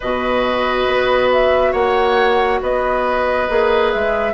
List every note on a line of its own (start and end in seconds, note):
0.00 0.86 B2
0.00 3.49 F#4
0.00 1.72 B4
0.00 1.31 D#5
0.86 1.73 B3
1.32 1.72 E5
1.72 2.60 A#3
1.72 2.59 C#5
1.72 2.59 F#5
2.62 3.49 B3
2.62 4.33 B4
2.62 3.92 D#5
3.49 3.93 A#3
3.49 4.33 G#4
3.92 4.33 G#3
3.92 4.33 E5